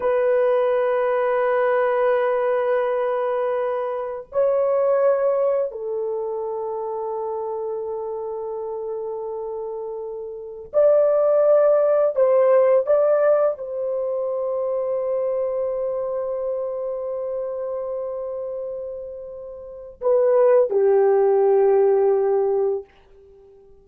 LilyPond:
\new Staff \with { instrumentName = "horn" } { \time 4/4 \tempo 4 = 84 b'1~ | b'2 cis''2 | a'1~ | a'2. d''4~ |
d''4 c''4 d''4 c''4~ | c''1~ | c''1 | b'4 g'2. | }